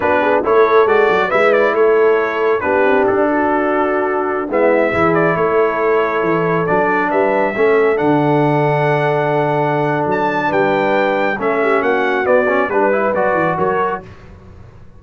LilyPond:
<<
  \new Staff \with { instrumentName = "trumpet" } { \time 4/4 \tempo 4 = 137 b'4 cis''4 d''4 e''8 d''8 | cis''2 b'4 a'4~ | a'2~ a'16 e''4. d''16~ | d''16 cis''2. d''8.~ |
d''16 e''2 fis''4.~ fis''16~ | fis''2. a''4 | g''2 e''4 fis''4 | d''4 b'4 d''4 cis''4 | }
  \new Staff \with { instrumentName = "horn" } { \time 4/4 fis'8 gis'8 a'2 b'4 | a'2 g'4. fis'8~ | fis'2~ fis'16 e'4 gis'8.~ | gis'16 a'2.~ a'8.~ |
a'16 b'4 a'2~ a'8.~ | a'1 | b'2 a'8 g'8 fis'4~ | fis'4 b'2 ais'4 | }
  \new Staff \with { instrumentName = "trombone" } { \time 4/4 d'4 e'4 fis'4 e'4~ | e'2 d'2~ | d'2~ d'16 b4 e'8.~ | e'2.~ e'16 d'8.~ |
d'4~ d'16 cis'4 d'4.~ d'16~ | d'1~ | d'2 cis'2 | b8 cis'8 d'8 e'8 fis'2 | }
  \new Staff \with { instrumentName = "tuba" } { \time 4/4 b4 a4 gis8 fis8 gis4 | a2 b8 c'8 d'4~ | d'2~ d'16 gis4 e8.~ | e16 a2 e4 fis8.~ |
fis16 g4 a4 d4.~ d16~ | d2. fis4 | g2 a4 ais4 | b4 g4 fis8 e8 fis4 | }
>>